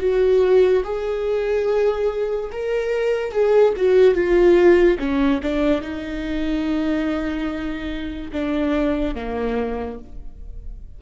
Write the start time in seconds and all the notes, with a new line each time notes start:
0.00 F#4
0.84 G#4
2.52 A#4
3.31 G#4
3.77 F#4
4.14 F4
4.99 C#4
5.43 D4
5.81 D#4
8.32 D4
9.15 A#3